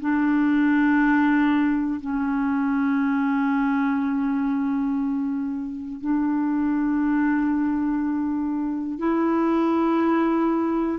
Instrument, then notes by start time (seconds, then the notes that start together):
clarinet
0.00 D4
2.00 C#4
6.00 D4
8.99 E4